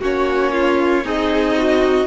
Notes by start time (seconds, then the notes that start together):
0.00 A#3 C#4 F#4 C#5
0.52 F4
1.04 C4 D#4 G#4 D#5
1.57 F#4